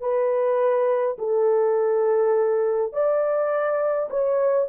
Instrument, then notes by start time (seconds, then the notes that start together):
horn
0.00 B4
1.18 A4
2.92 D5
4.10 C#5